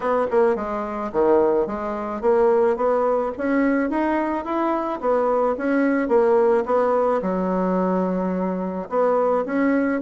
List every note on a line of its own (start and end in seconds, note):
0.00 0.26 B3
0.31 0.55 A#3
0.55 1.11 G#3
1.12 1.66 D#3
1.66 2.21 G#3
2.21 2.76 A#3
2.76 3.31 B3
3.37 3.90 C#4
3.90 4.44 D#4
4.44 5.00 E4
5.00 5.56 B3
5.57 6.08 C#4
6.08 6.64 A#3
6.65 7.21 B3
7.22 8.88 F#3
8.89 9.44 B3
9.45 10.01 C#4